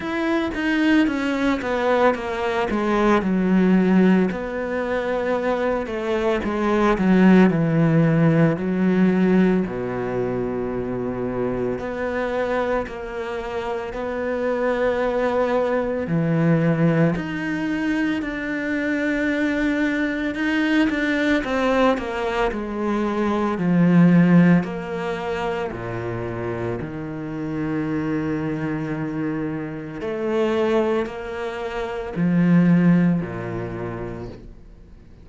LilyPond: \new Staff \with { instrumentName = "cello" } { \time 4/4 \tempo 4 = 56 e'8 dis'8 cis'8 b8 ais8 gis8 fis4 | b4. a8 gis8 fis8 e4 | fis4 b,2 b4 | ais4 b2 e4 |
dis'4 d'2 dis'8 d'8 | c'8 ais8 gis4 f4 ais4 | ais,4 dis2. | a4 ais4 f4 ais,4 | }